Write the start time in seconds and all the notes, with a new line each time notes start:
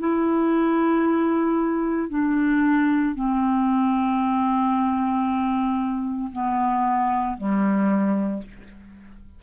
0.00 E4
2.10 D4
3.15 C4
6.33 B3
7.37 G3